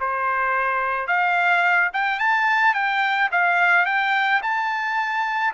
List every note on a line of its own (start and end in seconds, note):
0.00 1.07 C5
1.07 1.90 F5
1.93 2.19 G5
2.19 2.74 A5
2.74 3.30 G5
3.31 3.85 F5
3.85 4.41 G5
4.42 5.53 A5